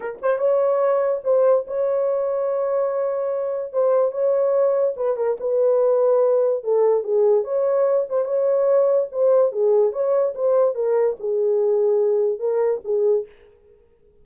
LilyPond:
\new Staff \with { instrumentName = "horn" } { \time 4/4 \tempo 4 = 145 ais'8 c''8 cis''2 c''4 | cis''1~ | cis''4 c''4 cis''2 | b'8 ais'8 b'2. |
a'4 gis'4 cis''4. c''8 | cis''2 c''4 gis'4 | cis''4 c''4 ais'4 gis'4~ | gis'2 ais'4 gis'4 | }